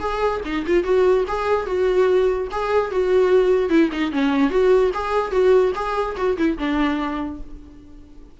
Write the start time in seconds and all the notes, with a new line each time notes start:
0.00 G#4
0.45 D#4
0.67 F4
0.84 F#4
1.28 G#4
1.66 F#4
2.51 G#4
2.91 F#4
3.69 E4
3.92 D#4
4.12 C#4
4.50 F#4
4.94 G#4
5.32 F#4
5.75 G#4
6.17 F#4
6.37 E4
6.58 D4